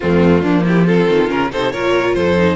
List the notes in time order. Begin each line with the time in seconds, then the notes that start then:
0.00 F2 A3 C4 F4
0.41 F3 A#3 D4
0.65 E4 G4
0.85 C4 F4 A4
1.08 D#3
1.27 C#3 C#4 A#4
1.51 C3 D#4 A4 C5
1.72 A#2 F4 A#4 C#5
2.13 F2 A4 C5
2.36 D#4